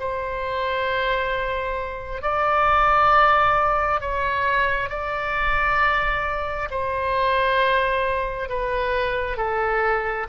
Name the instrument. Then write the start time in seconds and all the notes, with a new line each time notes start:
oboe
0.00 C5
2.22 D5
4.01 C#5
4.89 D5
6.71 C5
8.49 B4
9.37 A4